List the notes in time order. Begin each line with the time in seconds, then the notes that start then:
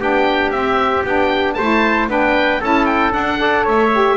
0.00 B3 D4 G4 G5
0.51 C4 E5
1.05 B3 D4 G5
1.54 A3 C5 A5
1.61 E4
2.08 B3 D4 B4 G5
2.60 C#4 E4 A4 A5
2.86 G5
3.12 D4 F#5
3.37 A4 D5
3.64 A3 C#5 E5
3.94 G4